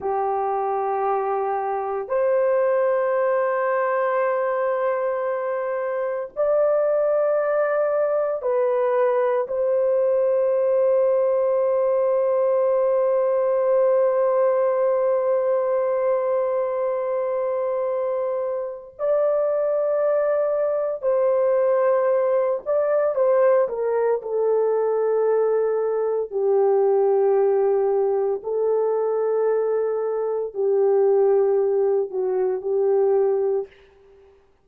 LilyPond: \new Staff \with { instrumentName = "horn" } { \time 4/4 \tempo 4 = 57 g'2 c''2~ | c''2 d''2 | b'4 c''2.~ | c''1~ |
c''2 d''2 | c''4. d''8 c''8 ais'8 a'4~ | a'4 g'2 a'4~ | a'4 g'4. fis'8 g'4 | }